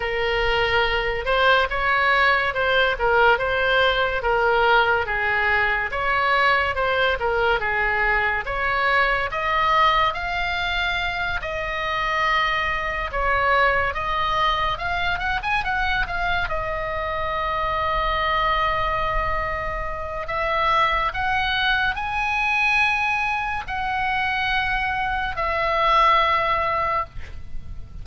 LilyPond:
\new Staff \with { instrumentName = "oboe" } { \time 4/4 \tempo 4 = 71 ais'4. c''8 cis''4 c''8 ais'8 | c''4 ais'4 gis'4 cis''4 | c''8 ais'8 gis'4 cis''4 dis''4 | f''4. dis''2 cis''8~ |
cis''8 dis''4 f''8 fis''16 gis''16 fis''8 f''8 dis''8~ | dis''1 | e''4 fis''4 gis''2 | fis''2 e''2 | }